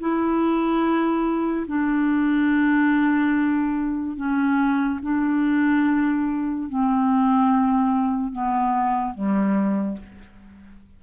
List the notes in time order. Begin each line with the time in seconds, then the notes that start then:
0.00 E4
1.67 D4
4.17 C#4
5.03 D4
6.69 C4
8.32 B3
9.14 G3